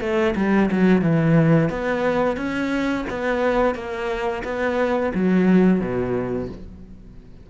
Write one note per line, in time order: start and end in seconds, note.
0.00 0.34 A3
0.36 0.70 G3
0.71 1.01 F#3
1.01 1.69 E3
1.69 2.36 B3
2.36 3.05 C#4
3.09 3.75 B3
3.75 4.43 A#3
4.44 5.12 B3
5.14 5.80 F#3
5.80 6.48 B2